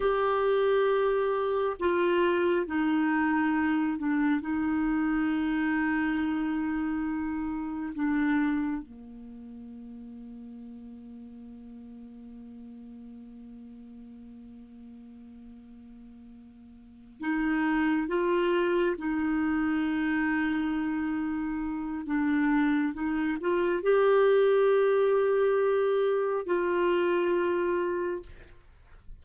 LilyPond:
\new Staff \with { instrumentName = "clarinet" } { \time 4/4 \tempo 4 = 68 g'2 f'4 dis'4~ | dis'8 d'8 dis'2.~ | dis'4 d'4 ais2~ | ais1~ |
ais2.~ ais8 dis'8~ | dis'8 f'4 dis'2~ dis'8~ | dis'4 d'4 dis'8 f'8 g'4~ | g'2 f'2 | }